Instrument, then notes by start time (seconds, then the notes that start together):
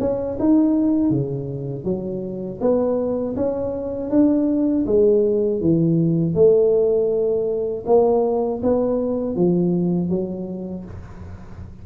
tuba
0.00 C#4
0.39 D#4
1.10 C#3
1.84 F#3
2.60 B3
3.36 C#4
4.10 D4
4.86 G#3
5.61 E3
6.35 A3
7.86 A#3
8.63 B3
9.36 F3
10.09 F#3